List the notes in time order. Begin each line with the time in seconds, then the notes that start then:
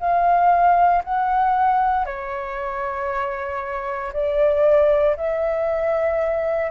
0.00 F5
1.04 F#5
2.06 C#5
4.13 D5
5.17 E5